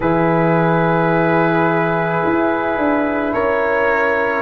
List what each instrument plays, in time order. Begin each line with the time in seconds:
0.00 tuba E3, trombone E4, horn G#4, trumpet B4
2.24 tuba E4
2.77 tuba D4
3.33 tuba C#4, horn A#4, trumpet C#5